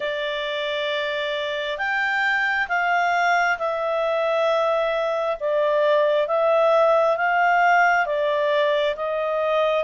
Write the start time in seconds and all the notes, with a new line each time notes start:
0.00 D5
1.77 G5
2.68 F5
3.58 E5
5.40 D5
6.27 E5
7.16 F5
8.06 D5
8.96 D#5